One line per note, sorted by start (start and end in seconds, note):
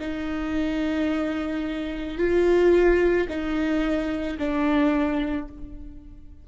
0.00 2.18 D#4
2.18 3.27 F4
3.29 4.38 D#4
4.39 5.48 D4